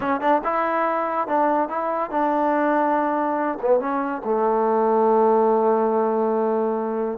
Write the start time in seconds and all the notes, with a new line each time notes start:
0.00 C#4
0.20 D4
0.44 E4
1.27 D4
1.68 E4
2.10 D4
3.61 B3
3.80 C#4
4.24 A3